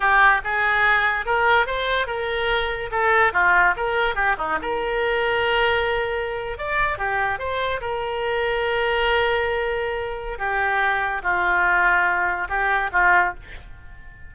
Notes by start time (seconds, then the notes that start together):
0.00 G4
0.44 G#4
1.25 A#4
1.66 C5
2.06 A#4
2.91 A4
3.33 F4
3.76 A#4
4.15 G4
4.38 D#4
4.61 A#4
6.58 D5
6.98 G4
7.38 C5
7.80 A#4
10.38 G4
11.23 F4
12.48 G4
12.92 F4